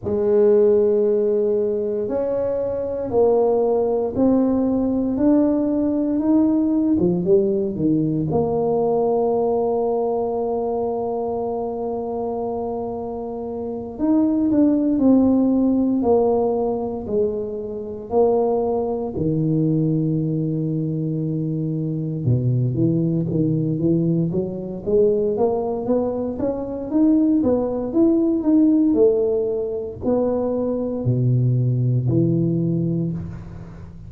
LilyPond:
\new Staff \with { instrumentName = "tuba" } { \time 4/4 \tempo 4 = 58 gis2 cis'4 ais4 | c'4 d'4 dis'8. f16 g8 dis8 | ais1~ | ais4. dis'8 d'8 c'4 ais8~ |
ais8 gis4 ais4 dis4.~ | dis4. b,8 e8 dis8 e8 fis8 | gis8 ais8 b8 cis'8 dis'8 b8 e'8 dis'8 | a4 b4 b,4 e4 | }